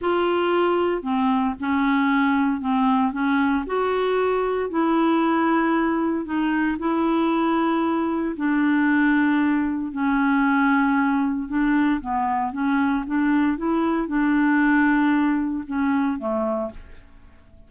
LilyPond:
\new Staff \with { instrumentName = "clarinet" } { \time 4/4 \tempo 4 = 115 f'2 c'4 cis'4~ | cis'4 c'4 cis'4 fis'4~ | fis'4 e'2. | dis'4 e'2. |
d'2. cis'4~ | cis'2 d'4 b4 | cis'4 d'4 e'4 d'4~ | d'2 cis'4 a4 | }